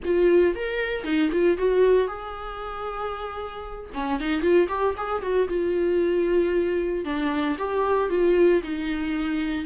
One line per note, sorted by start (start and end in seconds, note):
0.04 0.55 F4
0.55 1.04 A#4
1.04 1.30 D#4
1.32 1.57 F4
1.57 2.07 F#4
2.07 3.90 G#4
3.94 4.20 C#4
4.20 4.41 D#4
4.41 4.67 F4
4.68 4.94 G4
4.97 5.22 G#4
5.22 5.48 F#4
5.48 7.04 F4
7.04 7.57 D4
7.58 8.09 G4
8.09 8.62 F4
8.63 9.65 D#4